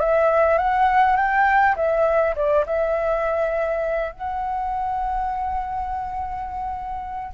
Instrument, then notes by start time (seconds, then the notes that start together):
flute
0.00 E5
0.59 F#5
1.17 G5
1.76 E5
2.36 D5
2.66 E5
4.12 F#5